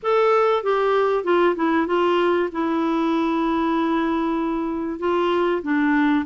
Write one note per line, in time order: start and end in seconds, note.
0.03 0.62 A4
0.62 1.24 G4
1.24 1.55 F4
1.55 1.87 E4
1.87 2.49 F4
2.51 4.99 E4
4.99 5.61 F4
5.62 6.25 D4